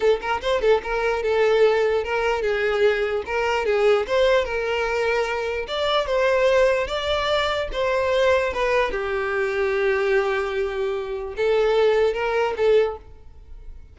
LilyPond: \new Staff \with { instrumentName = "violin" } { \time 4/4 \tempo 4 = 148 a'8 ais'8 c''8 a'8 ais'4 a'4~ | a'4 ais'4 gis'2 | ais'4 gis'4 c''4 ais'4~ | ais'2 d''4 c''4~ |
c''4 d''2 c''4~ | c''4 b'4 g'2~ | g'1 | a'2 ais'4 a'4 | }